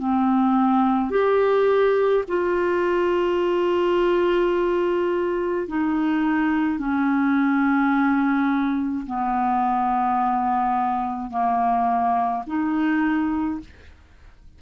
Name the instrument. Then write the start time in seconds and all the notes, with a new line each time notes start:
clarinet
0.00 C4
1.11 G4
2.28 F4
5.69 D#4
6.79 C#4
9.07 B3
11.31 A#3
12.47 D#4